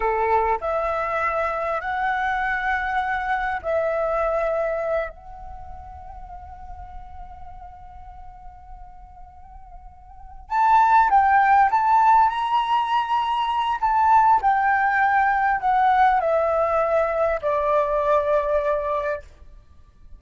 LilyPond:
\new Staff \with { instrumentName = "flute" } { \time 4/4 \tempo 4 = 100 a'4 e''2 fis''4~ | fis''2 e''2~ | e''8 fis''2.~ fis''8~ | fis''1~ |
fis''4. a''4 g''4 a''8~ | a''8 ais''2~ ais''8 a''4 | g''2 fis''4 e''4~ | e''4 d''2. | }